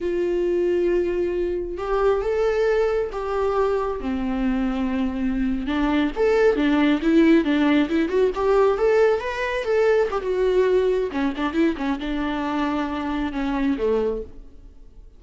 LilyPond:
\new Staff \with { instrumentName = "viola" } { \time 4/4 \tempo 4 = 135 f'1 | g'4 a'2 g'4~ | g'4 c'2.~ | c'8. d'4 a'4 d'4 e'16~ |
e'8. d'4 e'8 fis'8 g'4 a'16~ | a'8. b'4 a'4 g'16 fis'4~ | fis'4 cis'8 d'8 e'8 cis'8 d'4~ | d'2 cis'4 a4 | }